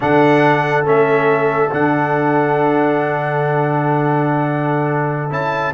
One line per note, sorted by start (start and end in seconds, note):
0.00 0.85 D3
0.00 0.84 D4
0.00 5.73 A4
0.00 0.86 F#5
0.84 1.70 A3
0.84 1.69 C#4
0.84 1.72 E5
1.71 5.30 D3
1.71 5.30 D4
1.71 5.32 F#5
5.30 5.73 C#4
5.30 5.72 E4
5.30 5.73 A5